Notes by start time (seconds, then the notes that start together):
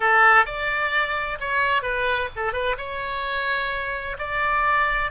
0.00 A4
0.45 D5
1.40 C#5
1.82 B4
2.36 A4
2.52 B4
2.77 C#5
4.18 D5